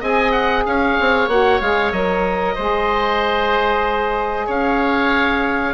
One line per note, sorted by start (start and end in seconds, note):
0.00 0.65 C4
0.00 1.29 G#4
0.00 0.64 D#5
0.00 0.32 G#5
0.32 0.64 F#5
0.66 0.98 C#4
0.66 2.55 C#5
0.66 1.29 F5
1.00 1.28 C4
1.28 1.60 A#3
1.28 1.61 F#4
1.28 1.61 F#5
1.61 1.92 G#3
1.61 1.93 G#4
1.61 1.92 F5
1.92 2.56 F#3
1.92 2.57 A#4
1.92 4.48 D#5
2.55 4.48 G#3
2.55 5.74 G#4
2.55 4.46 C5
4.46 5.74 C#4
4.46 5.74 C#5
4.46 5.74 F5